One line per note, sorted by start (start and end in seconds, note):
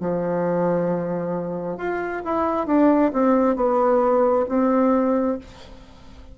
0.00 1.77 F3
1.77 2.22 F4
2.25 2.67 E4
2.67 3.11 D4
3.13 3.55 C4
3.55 4.45 B3
4.49 5.38 C4